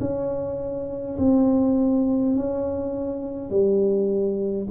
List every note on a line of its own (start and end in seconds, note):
0.00 1.18 C#4
1.18 2.35 C4
2.35 3.50 C#4
3.50 4.67 G3